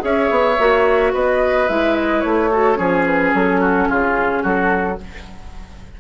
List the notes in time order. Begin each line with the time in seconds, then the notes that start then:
0.00 C#4 G#4 C#5 E5
0.30 B3
0.59 A#3 F#4
1.13 B3 B4 D#5
1.68 G#3 E4 E5
1.96 D#5
2.21 A3 C#5
2.51 F#4 A4
2.75 F3 C#4 G#4
3.06 B4
3.34 F#3 A4
3.60 F#4
3.89 C#3 F4 G#4
4.43 F#3 F#4 A4